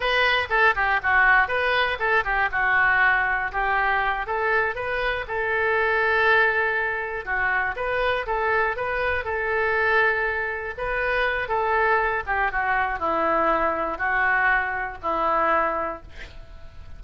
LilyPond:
\new Staff \with { instrumentName = "oboe" } { \time 4/4 \tempo 4 = 120 b'4 a'8 g'8 fis'4 b'4 | a'8 g'8 fis'2 g'4~ | g'8 a'4 b'4 a'4.~ | a'2~ a'8 fis'4 b'8~ |
b'8 a'4 b'4 a'4.~ | a'4. b'4. a'4~ | a'8 g'8 fis'4 e'2 | fis'2 e'2 | }